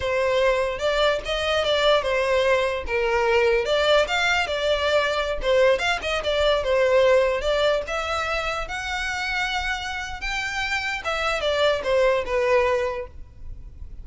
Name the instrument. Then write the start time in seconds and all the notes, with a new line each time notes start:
violin
0.00 C5
0.78 D5
1.25 D#5
1.64 D5
2.02 C5
2.87 A#4
3.65 D5
4.07 F5
4.46 D5
5.42 C5
5.78 F5
6.01 D#5
6.23 D5
6.63 C5
7.41 D5
7.87 E5
8.68 F#5
10.20 G5
11.04 E5
11.40 D5
11.83 C5
12.25 B4